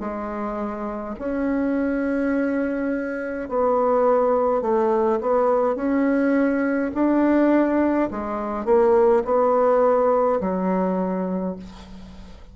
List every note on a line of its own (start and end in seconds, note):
0.00 1.15 G#3
1.19 3.49 C#4
3.49 4.62 B3
4.62 5.20 A3
5.21 5.76 B3
5.76 6.91 C#4
6.94 8.10 D4
8.11 8.65 G#3
8.65 9.23 A#3
9.25 10.40 B3
10.41 11.56 F#3